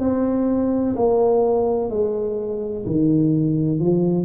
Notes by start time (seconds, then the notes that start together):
0.00 C4
0.96 A#3
1.90 G#3
2.87 D#3
3.80 F3